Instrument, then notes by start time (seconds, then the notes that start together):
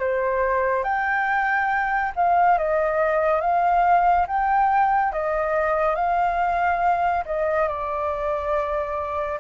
flute
0.00 C5
0.84 G5
2.16 F5
2.58 D#5
3.41 F5
4.27 G5
5.12 D#5
5.96 F5
7.26 D#5
7.68 D5